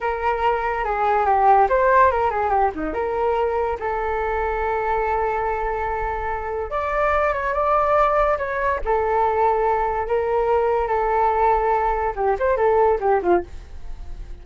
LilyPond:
\new Staff \with { instrumentName = "flute" } { \time 4/4 \tempo 4 = 143 ais'2 gis'4 g'4 | c''4 ais'8 gis'8 g'8 dis'8 ais'4~ | ais'4 a'2.~ | a'1 |
d''4. cis''8 d''2 | cis''4 a'2. | ais'2 a'2~ | a'4 g'8 c''8 a'4 g'8 f'8 | }